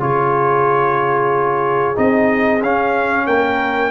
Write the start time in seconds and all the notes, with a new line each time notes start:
0.00 C#3 F4 G#4 C#5
1.96 C4 D#4 D#5
2.62 C#4 F5
3.26 A#3 A#4 G5